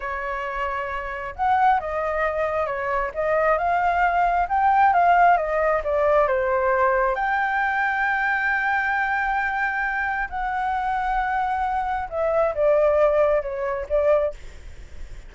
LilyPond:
\new Staff \with { instrumentName = "flute" } { \time 4/4 \tempo 4 = 134 cis''2. fis''4 | dis''2 cis''4 dis''4 | f''2 g''4 f''4 | dis''4 d''4 c''2 |
g''1~ | g''2. fis''4~ | fis''2. e''4 | d''2 cis''4 d''4 | }